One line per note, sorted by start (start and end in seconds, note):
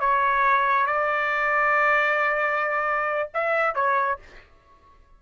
0.00 0.87 C#5
0.87 3.29 D5
3.34 3.75 E5
3.75 4.19 C#5